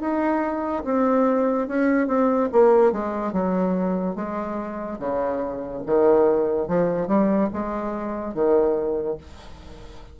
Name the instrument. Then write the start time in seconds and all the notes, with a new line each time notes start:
bassoon
0.00 D#4
0.84 C4
1.67 C#4
2.07 C4
2.52 A#3
2.92 G#3
3.32 F#3
4.15 G#3
4.99 C#3
5.86 D#3
6.67 F3
7.07 G3
7.53 G#3
8.34 D#3